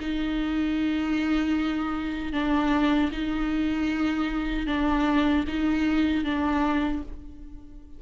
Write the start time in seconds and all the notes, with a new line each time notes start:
0.00 D#4
2.33 D4
3.12 D#4
4.67 D4
5.48 D#4
6.25 D4